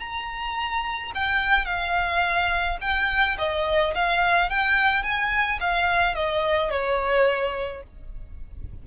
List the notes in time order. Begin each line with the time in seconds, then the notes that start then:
0.00 A#5
1.15 G5
1.66 F5
2.81 G5
3.38 D#5
3.95 F5
4.50 G5
5.03 G#5
5.60 F5
6.15 D#5
6.71 C#5